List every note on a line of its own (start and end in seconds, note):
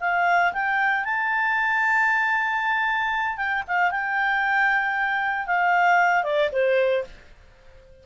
0.00 0.52 F5
0.53 1.04 G5
1.04 3.37 A5
3.37 3.63 G5
3.67 3.91 F5
3.91 5.46 G5
5.46 6.23 F5
6.23 6.49 D5
6.52 7.04 C5